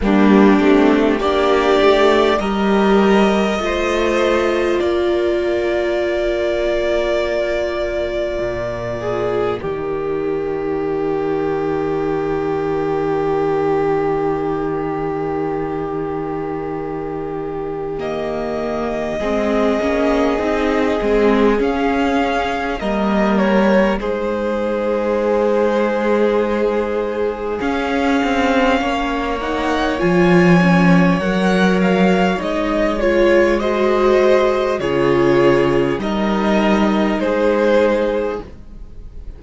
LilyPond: <<
  \new Staff \with { instrumentName = "violin" } { \time 4/4 \tempo 4 = 50 g'4 d''4 dis''2 | d''1 | ais'1~ | ais'2. dis''4~ |
dis''2 f''4 dis''8 cis''8 | c''2. f''4~ | f''8 fis''8 gis''4 fis''8 f''8 dis''8 cis''8 | dis''4 cis''4 dis''4 c''4 | }
  \new Staff \with { instrumentName = "violin" } { \time 4/4 d'4 g'4 ais'4 c''4 | ais'2.~ ais'8 gis'8 | g'1~ | g'1 |
gis'2. ais'4 | gis'1 | cis''1 | c''4 gis'4 ais'4 gis'4 | }
  \new Staff \with { instrumentName = "viola" } { \time 4/4 ais8 c'8 d'4 g'4 f'4~ | f'1 | dis'1~ | dis'2. ais4 |
c'8 cis'8 dis'8 c'8 cis'4 ais4 | dis'2. cis'4~ | cis'8 dis'8 f'8 cis'8 ais'4 dis'8 f'8 | fis'4 f'4 dis'2 | }
  \new Staff \with { instrumentName = "cello" } { \time 4/4 g8 a8 ais8 a8 g4 a4 | ais2. ais,4 | dis1~ | dis1 |
gis8 ais8 c'8 gis8 cis'4 g4 | gis2. cis'8 c'8 | ais4 f4 fis4 gis4~ | gis4 cis4 g4 gis4 | }
>>